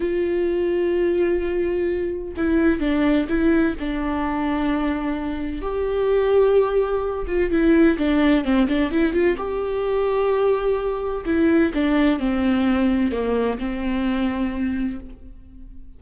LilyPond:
\new Staff \with { instrumentName = "viola" } { \time 4/4 \tempo 4 = 128 f'1~ | f'4 e'4 d'4 e'4 | d'1 | g'2.~ g'8 f'8 |
e'4 d'4 c'8 d'8 e'8 f'8 | g'1 | e'4 d'4 c'2 | ais4 c'2. | }